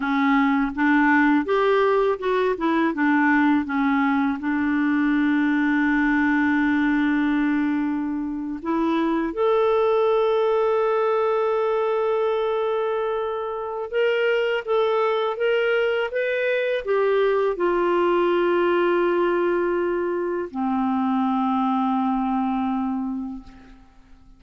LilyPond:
\new Staff \with { instrumentName = "clarinet" } { \time 4/4 \tempo 4 = 82 cis'4 d'4 g'4 fis'8 e'8 | d'4 cis'4 d'2~ | d'2.~ d'8. e'16~ | e'8. a'2.~ a'16~ |
a'2. ais'4 | a'4 ais'4 b'4 g'4 | f'1 | c'1 | }